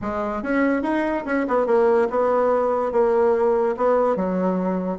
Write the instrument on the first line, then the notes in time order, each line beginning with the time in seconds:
bassoon
0.01 G#3
0.42 C#4
0.82 D#4
1.25 C#4
1.48 B3
1.66 A#3
2.09 B3
2.92 A#3
3.76 B3
4.16 F#3